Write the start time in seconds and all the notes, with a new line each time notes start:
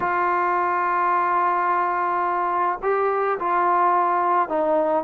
0.00 F4
2.82 G4
3.39 F4
4.48 D#4